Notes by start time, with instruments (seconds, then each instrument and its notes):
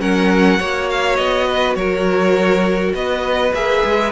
0.00 cello F#3, viola C#4, violin A#4 F#5
0.59 cello A#3, viola F#4, violin C#5
0.90 violin F5
1.16 cello B3, violin D#5
1.47 violin B4
1.75 cello F#3, violin A#4 C#5
2.94 cello B3, violin B4 D#5
3.54 cello A#3, viola G#4, violin E5
3.85 cello G#3